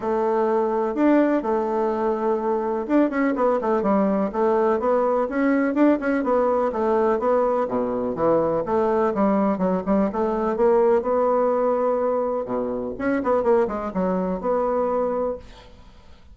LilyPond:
\new Staff \with { instrumentName = "bassoon" } { \time 4/4 \tempo 4 = 125 a2 d'4 a4~ | a2 d'8 cis'8 b8 a8 | g4 a4 b4 cis'4 | d'8 cis'8 b4 a4 b4 |
b,4 e4 a4 g4 | fis8 g8 a4 ais4 b4~ | b2 b,4 cis'8 b8 | ais8 gis8 fis4 b2 | }